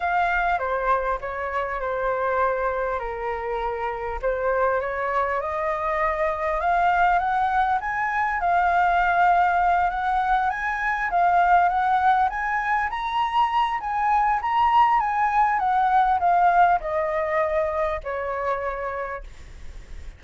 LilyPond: \new Staff \with { instrumentName = "flute" } { \time 4/4 \tempo 4 = 100 f''4 c''4 cis''4 c''4~ | c''4 ais'2 c''4 | cis''4 dis''2 f''4 | fis''4 gis''4 f''2~ |
f''8 fis''4 gis''4 f''4 fis''8~ | fis''8 gis''4 ais''4. gis''4 | ais''4 gis''4 fis''4 f''4 | dis''2 cis''2 | }